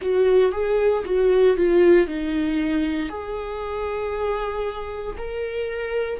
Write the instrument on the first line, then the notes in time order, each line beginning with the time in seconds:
viola
0.01 F#4
0.52 G#4
1.04 F#4
1.56 F4
2.07 D#4
3.08 G#4
5.17 A#4